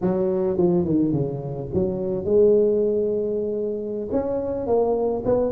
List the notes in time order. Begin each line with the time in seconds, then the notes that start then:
0.01 F#3
0.57 F3
0.84 D#3
1.12 C#3
1.73 F#3
2.24 G#3
4.11 C#4
4.66 A#3
5.25 B3